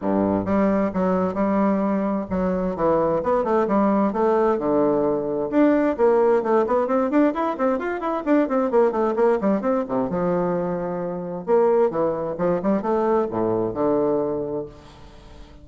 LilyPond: \new Staff \with { instrumentName = "bassoon" } { \time 4/4 \tempo 4 = 131 g,4 g4 fis4 g4~ | g4 fis4 e4 b8 a8 | g4 a4 d2 | d'4 ais4 a8 b8 c'8 d'8 |
e'8 c'8 f'8 e'8 d'8 c'8 ais8 a8 | ais8 g8 c'8 c8 f2~ | f4 ais4 e4 f8 g8 | a4 a,4 d2 | }